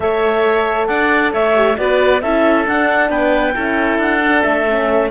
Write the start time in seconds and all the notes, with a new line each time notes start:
0.00 A3 A4 C#5 E5
0.87 D4 D5 F#5
1.32 A3 C#5 E5
1.54 G4
1.77 B3 F#4 B4 D5
2.21 C#4 E4 A4 E5
2.65 D4 F#5
3.09 B3 B4 G5
3.54 C#4 E4 A4
3.98 D4 F#5
4.23 D4
4.42 A3 E5
4.66 C#4